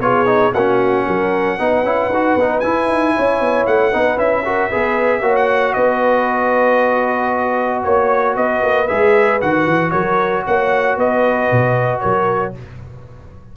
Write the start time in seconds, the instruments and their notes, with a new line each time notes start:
0.00 tuba B3, trombone F4, horn G#4, trumpet C#5
0.27 trombone D#4
0.54 tuba A#3, trombone C#4, horn F#4, trumpet F#5
1.06 tuba F#3, horn A#4
1.59 tuba B3, trombone D#4, horn B4
1.84 tuba C#4, trombone E4
2.09 tuba D#4, trombone F#4
2.36 tuba B3, trombone D#4
2.61 trombone E4, tuba E4, trumpet G#5
2.88 tuba D#4
3.16 tuba C#4, horn C#5
3.41 tuba B3
3.67 tuba A3, trumpet F#5
3.91 tuba B3, trombone D#4, horn B4
4.17 tuba C#4, trombone E4, trumpet E5
4.45 trombone F#4, horn A#4
4.68 tuba B3, trombone G#4, horn B4
5.22 tuba A#3, trombone F#4, horn C#5
5.36 trumpet F#5
5.74 tuba B3, horn B4, trumpet D#5
7.83 tuba A#3, horn C#5, trumpet C#5
8.36 tuba B3, horn B4, trumpet D#5
8.63 tuba A#3
8.88 tuba G#3, trombone G#4, trumpet E5
9.42 tuba D#3, trombone F#4, trumpet F#5
9.66 tuba E3
9.91 tuba F#3, horn A#4, trumpet C#5
10.46 tuba A#3, horn C#5, trumpet F#5
10.97 tuba B3, horn B4, trumpet D#5
11.52 tuba B2
12.00 tuba F#3, horn A#4, trumpet C#5